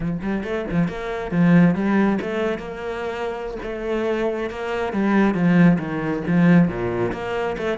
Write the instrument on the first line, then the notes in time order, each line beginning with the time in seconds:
cello
0.00 F3
0.22 G3
0.43 A3
0.70 F3
0.88 A#3
1.31 F3
1.74 G3
2.21 A3
2.58 A#3
3.62 A3
4.50 A#3
4.92 G3
5.34 F3
5.78 D#3
6.27 F3
6.68 A#2
7.12 A#3
7.57 A3